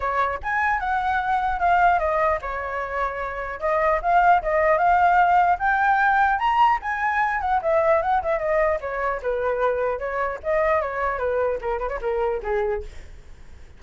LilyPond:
\new Staff \with { instrumentName = "flute" } { \time 4/4 \tempo 4 = 150 cis''4 gis''4 fis''2 | f''4 dis''4 cis''2~ | cis''4 dis''4 f''4 dis''4 | f''2 g''2 |
ais''4 gis''4. fis''8 e''4 | fis''8 e''8 dis''4 cis''4 b'4~ | b'4 cis''4 dis''4 cis''4 | b'4 ais'8 b'16 cis''16 ais'4 gis'4 | }